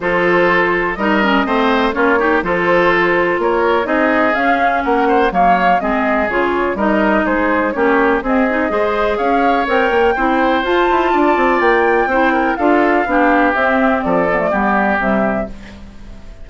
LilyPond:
<<
  \new Staff \with { instrumentName = "flute" } { \time 4/4 \tempo 4 = 124 c''2 dis''2 | cis''4 c''2 cis''4 | dis''4 f''4 fis''4 f''4 | dis''4 cis''4 dis''4 c''4 |
cis''4 dis''2 f''4 | g''2 a''2 | g''2 f''2 | e''4 d''2 e''4 | }
  \new Staff \with { instrumentName = "oboe" } { \time 4/4 a'2 ais'4 c''4 | f'8 g'8 a'2 ais'4 | gis'2 ais'8 c''8 cis''4 | gis'2 ais'4 gis'4 |
g'4 gis'4 c''4 cis''4~ | cis''4 c''2 d''4~ | d''4 c''8 ais'8 a'4 g'4~ | g'4 a'4 g'2 | }
  \new Staff \with { instrumentName = "clarinet" } { \time 4/4 f'2 dis'8 cis'8 c'4 | cis'8 dis'8 f'2. | dis'4 cis'2 ais4 | c'4 f'4 dis'2 |
cis'4 c'8 dis'8 gis'2 | ais'4 e'4 f'2~ | f'4 e'4 f'4 d'4 | c'4. b16 a16 b4 g4 | }
  \new Staff \with { instrumentName = "bassoon" } { \time 4/4 f2 g4 a4 | ais4 f2 ais4 | c'4 cis'4 ais4 fis4 | gis4 cis4 g4 gis4 |
ais4 c'4 gis4 cis'4 | c'8 ais8 c'4 f'8 e'8 d'8 c'8 | ais4 c'4 d'4 b4 | c'4 f4 g4 c4 | }
>>